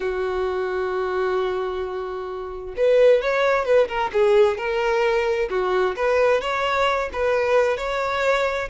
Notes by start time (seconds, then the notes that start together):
0.00 F#4
2.76 B4
3.21 C#5
3.65 B4
3.88 A#4
4.12 G#4
4.57 A#4
5.49 F#4
5.96 B4
6.41 C#5
7.13 B4
7.77 C#5